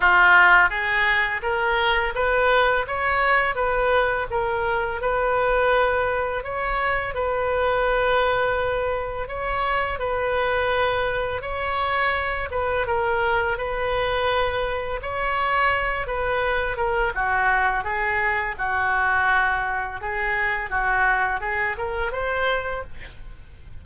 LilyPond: \new Staff \with { instrumentName = "oboe" } { \time 4/4 \tempo 4 = 84 f'4 gis'4 ais'4 b'4 | cis''4 b'4 ais'4 b'4~ | b'4 cis''4 b'2~ | b'4 cis''4 b'2 |
cis''4. b'8 ais'4 b'4~ | b'4 cis''4. b'4 ais'8 | fis'4 gis'4 fis'2 | gis'4 fis'4 gis'8 ais'8 c''4 | }